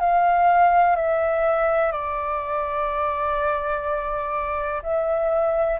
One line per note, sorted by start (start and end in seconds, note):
0.00 0.95 F5
0.95 1.91 E5
1.91 4.82 D5
4.83 5.79 E5